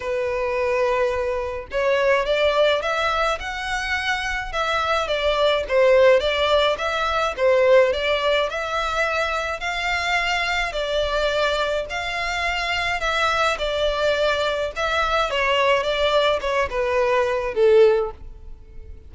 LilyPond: \new Staff \with { instrumentName = "violin" } { \time 4/4 \tempo 4 = 106 b'2. cis''4 | d''4 e''4 fis''2 | e''4 d''4 c''4 d''4 | e''4 c''4 d''4 e''4~ |
e''4 f''2 d''4~ | d''4 f''2 e''4 | d''2 e''4 cis''4 | d''4 cis''8 b'4. a'4 | }